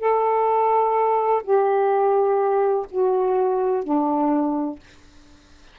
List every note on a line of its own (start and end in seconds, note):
0.00 1.43 A4
1.44 2.87 G4
2.92 3.84 F#4
3.84 4.80 D4